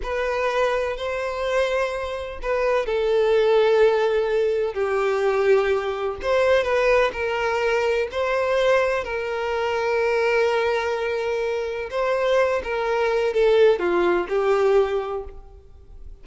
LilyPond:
\new Staff \with { instrumentName = "violin" } { \time 4/4 \tempo 4 = 126 b'2 c''2~ | c''4 b'4 a'2~ | a'2 g'2~ | g'4 c''4 b'4 ais'4~ |
ais'4 c''2 ais'4~ | ais'1~ | ais'4 c''4. ais'4. | a'4 f'4 g'2 | }